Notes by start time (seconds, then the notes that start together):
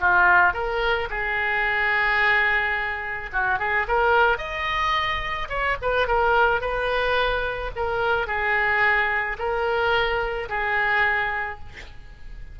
0.00 F4
0.53 A#4
1.10 G#4
3.32 F#4
3.59 G#4
3.87 A#4
4.38 D#5
5.49 C#5
5.81 B4
6.07 A#4
6.61 B4
7.75 A#4
8.26 G#4
9.38 A#4
10.48 G#4